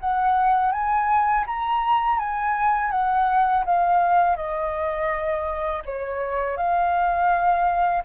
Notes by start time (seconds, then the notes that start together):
0.00 F#5
0.72 G#5
1.47 A#5
2.19 G#5
2.91 F#5
3.65 F5
4.36 D#5
5.85 C#5
6.57 F5